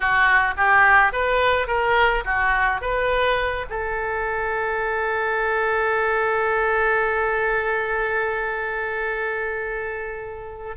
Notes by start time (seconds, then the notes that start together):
0.00 F#4
0.56 G4
1.12 B4
1.67 A#4
2.24 F#4
2.81 B4
3.69 A4